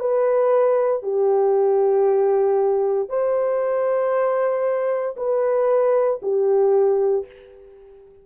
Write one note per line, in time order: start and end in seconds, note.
0.00 1.03 B4
1.03 3.09 G4
3.09 5.16 C5
5.17 6.21 B4
6.23 7.26 G4